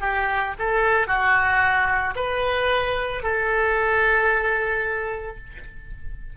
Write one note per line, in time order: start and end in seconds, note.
0.00 0.54 G4
0.58 1.07 A4
1.07 2.14 F#4
2.15 3.22 B4
3.22 5.37 A4